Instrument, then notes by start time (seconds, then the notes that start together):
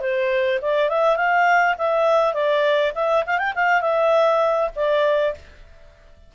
clarinet
0.00 C5
0.61 D5
0.89 E5
1.16 F5
1.78 E5
2.33 D5
2.94 E5
3.26 F5
3.38 G5
3.55 F5
3.81 E5
4.75 D5